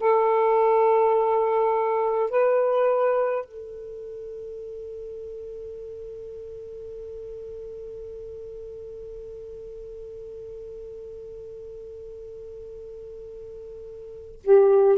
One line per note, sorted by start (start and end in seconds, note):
0.00 2.30 A4
2.30 3.45 B4
3.45 14.41 A4
14.44 14.98 G4